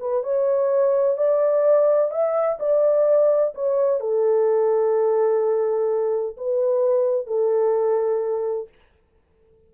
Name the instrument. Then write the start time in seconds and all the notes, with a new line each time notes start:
horn
0.00 B4
0.24 C#5
1.18 D5
2.12 E5
2.60 D5
3.55 C#5
4.01 A4
6.37 B4
7.27 A4